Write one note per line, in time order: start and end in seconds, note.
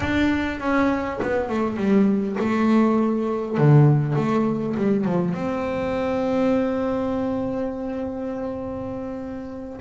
0.00 0.59 D4
0.60 1.19 C#4
1.22 1.49 B3
1.49 1.77 A3
1.77 2.36 G3
2.39 3.57 A3
3.57 4.15 D3
4.15 4.75 A3
4.76 5.05 G3
5.05 5.34 F3
5.34 9.79 C4